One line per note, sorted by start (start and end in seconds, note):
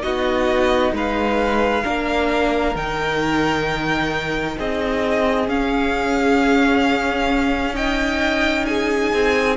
0.00 0.92 B3
0.00 1.82 D#4
0.00 0.93 F#4
0.00 0.92 D#5
0.92 1.83 G#3
0.92 1.84 B4
0.92 2.76 F5
1.84 2.75 A#3
1.84 2.74 D4
1.84 4.56 A#4
2.75 4.57 D#3
2.75 5.47 D#4
2.75 4.58 G5
4.57 5.48 C4
4.57 7.75 G#4
4.57 5.49 D#5
5.47 7.74 C#4
5.47 9.12 C#4
5.47 7.76 F5
7.74 9.55 D#4
7.74 8.66 D#5
7.74 8.65 G5
8.65 9.57 G#4
8.65 9.56 G#5
9.12 9.57 C4